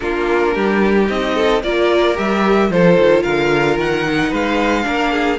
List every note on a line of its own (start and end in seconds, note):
0.00 0.56 A#3
0.00 1.05 D4
0.00 0.54 F4
0.00 1.07 A#4
0.54 1.09 G3
0.54 1.35 G4
1.05 1.63 C4
1.05 1.59 D#4
1.05 1.62 D#5
1.35 1.62 A4
1.62 2.17 A#3
1.62 2.15 F4
1.62 2.70 A#4
1.62 2.17 D5
2.15 2.70 G3
2.15 2.69 G4
2.15 2.71 E5
2.70 2.97 F3
2.70 4.06 F4
2.70 3.23 A4
2.70 3.23 C5
2.98 3.25 D#3
3.23 3.77 D3
3.23 4.29 A#4
3.23 3.77 F5
3.77 4.31 D#3
3.77 4.33 F#5
4.08 4.82 D#4
4.29 4.85 G#3
4.29 4.83 B4
4.29 5.39 F5
4.82 5.39 A#3
4.82 5.36 D4
4.82 5.12 A#4
5.12 5.39 G#4